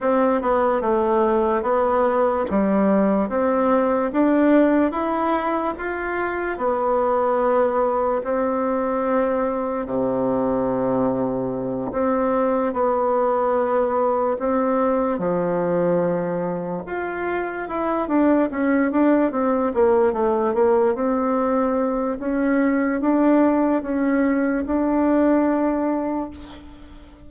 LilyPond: \new Staff \with { instrumentName = "bassoon" } { \time 4/4 \tempo 4 = 73 c'8 b8 a4 b4 g4 | c'4 d'4 e'4 f'4 | b2 c'2 | c2~ c8 c'4 b8~ |
b4. c'4 f4.~ | f8 f'4 e'8 d'8 cis'8 d'8 c'8 | ais8 a8 ais8 c'4. cis'4 | d'4 cis'4 d'2 | }